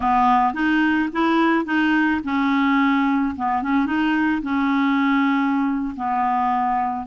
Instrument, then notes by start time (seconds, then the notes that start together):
clarinet
0.00 B3
0.53 D#4
1.12 E4
1.65 D#4
2.23 C#4
3.36 B3
3.62 C#4
3.86 D#4
4.42 C#4
5.96 B3